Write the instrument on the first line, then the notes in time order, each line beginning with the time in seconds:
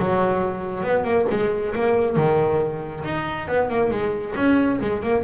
double bass
0.00 F#3
0.84 B3
1.05 A#3
1.31 G#3
1.75 A#3
2.17 D#3
3.05 D#4
3.48 B3
3.70 A#3
3.91 G#3
4.36 C#4
4.81 G#3
5.03 A#3